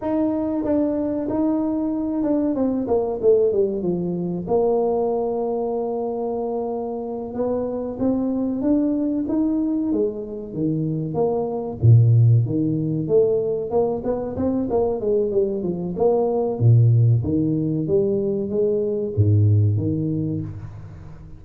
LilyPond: \new Staff \with { instrumentName = "tuba" } { \time 4/4 \tempo 4 = 94 dis'4 d'4 dis'4. d'8 | c'8 ais8 a8 g8 f4 ais4~ | ais2.~ ais8 b8~ | b8 c'4 d'4 dis'4 gis8~ |
gis8 dis4 ais4 ais,4 dis8~ | dis8 a4 ais8 b8 c'8 ais8 gis8 | g8 f8 ais4 ais,4 dis4 | g4 gis4 gis,4 dis4 | }